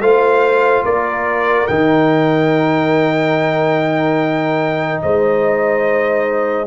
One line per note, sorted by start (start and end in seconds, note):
0.00 0.83 A3
0.00 1.68 F4
0.00 0.85 C5
0.00 0.84 F5
0.84 1.67 A#3
0.84 5.02 A#4
0.84 1.67 D5
1.67 5.02 D#3
1.67 6.66 D#4
1.67 5.00 G5
5.02 6.66 G#3
5.02 6.66 C5
5.02 6.66 D#5